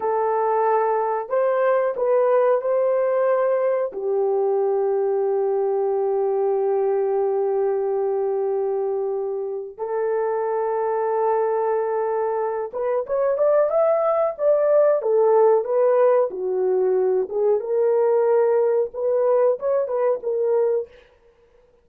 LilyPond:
\new Staff \with { instrumentName = "horn" } { \time 4/4 \tempo 4 = 92 a'2 c''4 b'4 | c''2 g'2~ | g'1~ | g'2. a'4~ |
a'2.~ a'8 b'8 | cis''8 d''8 e''4 d''4 a'4 | b'4 fis'4. gis'8 ais'4~ | ais'4 b'4 cis''8 b'8 ais'4 | }